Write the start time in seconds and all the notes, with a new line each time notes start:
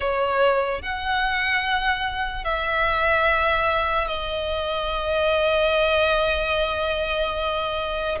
0.00 C#5
0.82 F#5
2.44 E5
4.07 D#5